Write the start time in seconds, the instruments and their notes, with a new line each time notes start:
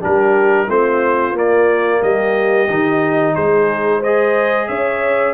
0.00 tuba G3, trombone D4, horn G4, trumpet A#4
0.68 tuba A3, trombone C4, horn F4, trumpet C5
1.33 tuba A#3, trombone A#3, trumpet D5
2.00 tuba G3, horn G4, trumpet D#5
2.69 tuba D#3, trombone D#4
3.34 tuba G#3, horn G#4, trumpet C5
3.99 horn C5, trumpet D#5
4.05 trombone G#4
4.67 tuba C#4, horn C#5, trumpet E5